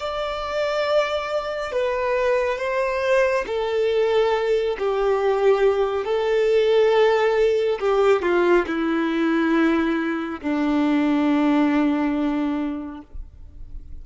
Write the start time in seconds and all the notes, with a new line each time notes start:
0.00 D5
1.72 B4
2.58 C5
3.47 A4
4.79 G4
6.05 A4
7.80 G4
8.23 F4
8.67 E4
10.42 D4